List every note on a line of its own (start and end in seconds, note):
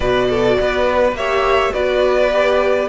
0.00 0.57 B2
0.00 1.14 F#4
0.00 0.28 B4
0.00 1.15 D5
0.29 0.58 A4
0.60 1.12 B3
0.60 1.17 B4
1.12 1.70 A#3
1.12 1.72 G4
1.12 1.73 C#5
1.12 1.73 E5
1.72 2.89 B3
1.72 2.30 F#4
1.72 2.88 B4
1.72 2.88 D5
2.32 2.89 G4